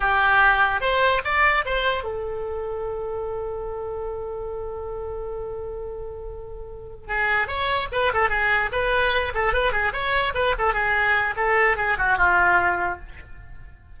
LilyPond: \new Staff \with { instrumentName = "oboe" } { \time 4/4 \tempo 4 = 148 g'2 c''4 d''4 | c''4 a'2.~ | a'1~ | a'1~ |
a'4. gis'4 cis''4 b'8 | a'8 gis'4 b'4. a'8 b'8 | gis'8 cis''4 b'8 a'8 gis'4. | a'4 gis'8 fis'8 f'2 | }